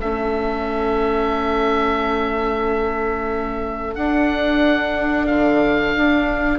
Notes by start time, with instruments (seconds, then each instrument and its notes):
0.00 bassoon A3, viola C#4, oboe A4 E5
3.95 bassoon D4, viola D4, oboe F#5
5.27 bassoon D3, oboe F5
5.97 bassoon D4